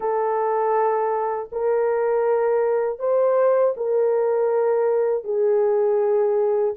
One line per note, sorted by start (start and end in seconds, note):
0.00 1.49 A4
1.51 2.99 A#4
2.99 3.74 C5
3.77 5.23 A#4
5.23 6.73 G#4